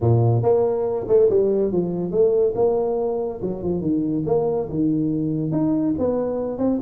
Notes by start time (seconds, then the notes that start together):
0.01 A#2
0.42 A#3
1.08 A3
1.29 G3
1.71 F3
2.11 A3
2.55 A#3
3.41 F#3
3.62 F3
3.81 D#3
4.26 A#3
4.69 D#3
5.51 D#4
5.98 B3
6.57 C4